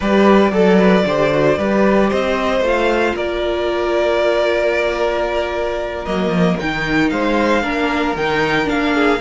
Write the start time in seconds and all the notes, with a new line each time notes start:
0.00 G3 G4 B4 D5
0.51 F#3 A4
0.78 B4
1.05 D3 G4 C5
1.31 F#4
1.58 G3 G4 B4
2.09 C4 C5 D#5
2.60 A3 F4
2.67 F5
3.15 A#3 A#4 D5
6.05 F#3 A#3 D#5
6.28 F3
6.59 D#3 D#4 G5
7.09 G#3 C5 F5
7.62 A#3 D4 A#4
8.15 D#3 D#4 G5
8.65 A#3 D4 F5
8.94 G#4